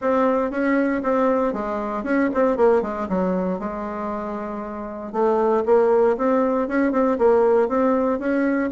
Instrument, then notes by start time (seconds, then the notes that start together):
bassoon
0.01 C4
0.50 C#4
1.03 C4
1.53 G#3
2.03 C#4
2.33 C4
2.56 A#3
2.82 G#3
3.08 F#3
3.59 G#3
5.12 A3
5.65 A#3
6.17 C4
6.68 C#4
6.92 C4
7.18 A#3
7.68 C4
8.19 C#4